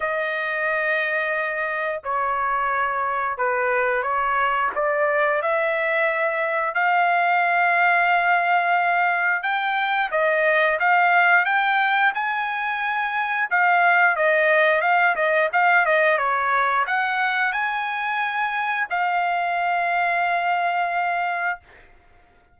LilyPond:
\new Staff \with { instrumentName = "trumpet" } { \time 4/4 \tempo 4 = 89 dis''2. cis''4~ | cis''4 b'4 cis''4 d''4 | e''2 f''2~ | f''2 g''4 dis''4 |
f''4 g''4 gis''2 | f''4 dis''4 f''8 dis''8 f''8 dis''8 | cis''4 fis''4 gis''2 | f''1 | }